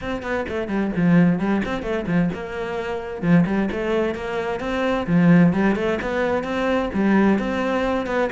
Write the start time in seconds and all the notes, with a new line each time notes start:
0.01 C4
0.22 B3
0.48 A3
0.68 G3
0.96 F3
1.39 G3
1.65 C4
1.82 A3
2.06 F3
2.33 A#3
3.21 F3
3.46 G3
3.71 A3
4.14 A#3
4.60 C4
5.06 F3
5.53 G3
5.75 A3
6.01 B3
6.43 C4
6.93 G3
7.38 C4
8.06 B3